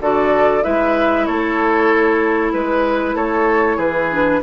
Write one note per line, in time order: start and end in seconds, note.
0.00 0.63 D3
0.00 0.62 F#4
0.00 0.64 A4
0.00 0.63 D5
0.62 1.28 G#3
0.62 4.09 E4
0.62 1.27 B4
0.62 1.26 E5
1.26 2.53 A3
1.26 2.53 A4
1.26 2.52 C#5
2.53 3.14 G#3
2.53 3.15 B4
2.53 3.16 B4
3.14 3.77 A3
3.14 3.77 A4
3.14 3.79 C#5
3.77 4.41 E3
3.77 4.40 G#4
3.77 4.42 B4
4.10 4.42 D4